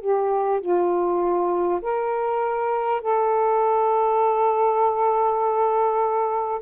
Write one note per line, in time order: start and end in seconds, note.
0.00 0.60 G4
0.60 1.80 F4
1.82 3.01 A#4
3.01 6.61 A4